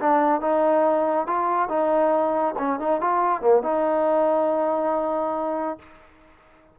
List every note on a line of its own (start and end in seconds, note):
0.00 0.41 D4
0.41 1.27 D#4
1.27 1.69 F4
1.69 2.55 D#4
2.58 2.80 C#4
2.80 3.01 D#4
3.01 3.41 F4
3.41 3.63 A#3
3.63 5.79 D#4